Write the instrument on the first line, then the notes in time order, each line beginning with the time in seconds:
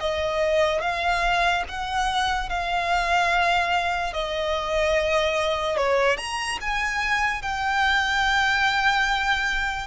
violin
0.00 D#5
0.81 F5
1.69 F#5
2.49 F5
4.13 D#5
5.77 C#5
6.18 A#5
6.61 G#5
7.42 G5